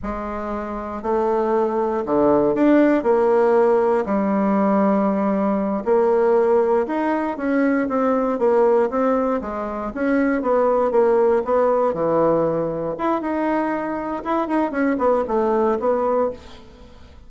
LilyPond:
\new Staff \with { instrumentName = "bassoon" } { \time 4/4 \tempo 4 = 118 gis2 a2 | d4 d'4 ais2 | g2.~ g8 ais8~ | ais4. dis'4 cis'4 c'8~ |
c'8 ais4 c'4 gis4 cis'8~ | cis'8 b4 ais4 b4 e8~ | e4. e'8 dis'2 | e'8 dis'8 cis'8 b8 a4 b4 | }